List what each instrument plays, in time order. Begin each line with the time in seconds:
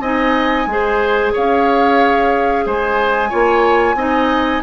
0.00 bassoon C4, clarinet D#4, oboe D#5, flute G#5
0.66 bassoon G#3, clarinet G#4
0.72 oboe C5
1.33 bassoon C#4, oboe C#5, flute F5
2.65 bassoon G#3, oboe C5, flute G#5
3.29 bassoon A#3, clarinet F4, oboe C#5
3.94 bassoon C4, clarinet D#4, oboe D#5